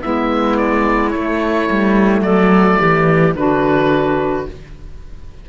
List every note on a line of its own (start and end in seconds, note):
0.00 1.14 G#3
0.00 1.11 B3
0.00 2.23 E4
0.00 0.56 E5
0.56 1.10 D5
1.10 3.34 A3
1.10 1.69 A3
1.10 2.21 C#5
1.70 2.21 G3
2.21 2.76 F#3
2.21 2.79 A4
2.21 3.33 D5
2.79 3.34 E3
2.79 3.34 G4
3.34 4.46 D3
3.34 4.45 D4
3.34 4.49 F#4
3.34 4.47 B4